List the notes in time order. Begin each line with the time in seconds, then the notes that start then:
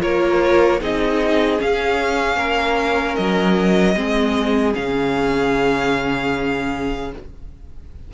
0.00 A#3 F4 A#4 C#5
0.81 C4 D#4 G#4 D#5
1.58 C#4 F5
2.36 A#3 A#4
3.15 F#3 D#5
3.96 G#3 C4 G#4
4.75 C#3 C#4 F5